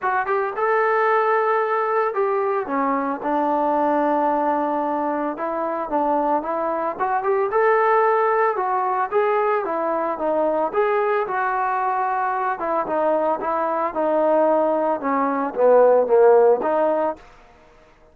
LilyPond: \new Staff \with { instrumentName = "trombone" } { \time 4/4 \tempo 4 = 112 fis'8 g'8 a'2. | g'4 cis'4 d'2~ | d'2 e'4 d'4 | e'4 fis'8 g'8 a'2 |
fis'4 gis'4 e'4 dis'4 | gis'4 fis'2~ fis'8 e'8 | dis'4 e'4 dis'2 | cis'4 b4 ais4 dis'4 | }